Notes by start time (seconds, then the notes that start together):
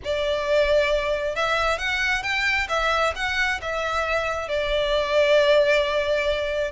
0.04 D5
1.35 E5
1.78 F#5
2.23 G5
2.68 E5
3.15 F#5
3.61 E5
4.48 D5